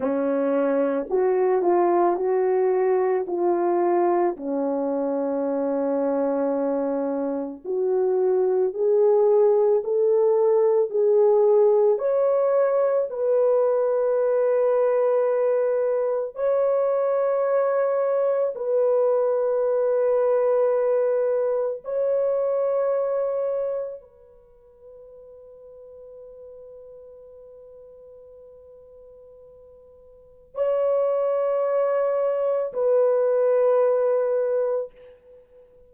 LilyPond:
\new Staff \with { instrumentName = "horn" } { \time 4/4 \tempo 4 = 55 cis'4 fis'8 f'8 fis'4 f'4 | cis'2. fis'4 | gis'4 a'4 gis'4 cis''4 | b'2. cis''4~ |
cis''4 b'2. | cis''2 b'2~ | b'1 | cis''2 b'2 | }